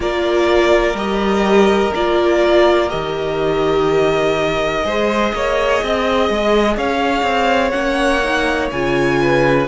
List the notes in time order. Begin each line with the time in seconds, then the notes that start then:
0.00 A#3 F4 A#4 D5
0.94 G3 G4 D#5
1.94 A#3 F4 D5
2.89 D#3 G4 D#5
4.84 G#3 G#4 C5
5.33 A#3 C#5
5.82 C4 D#5
6.29 G#3
6.76 C#4 C#5 F5
7.22 C4
7.70 A#3 C#4 F#5
8.23 D#4
8.71 C#3 F4 G#5
9.21 B4